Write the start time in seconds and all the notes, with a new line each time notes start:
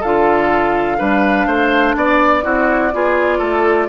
0.00 D3 F4 A4 F5
0.99 G3 D4 B4
1.47 A3 C5
1.96 B3 D5
2.43 C4 E4 F#4
2.93 B3 F4 G#4
3.38 A3 A4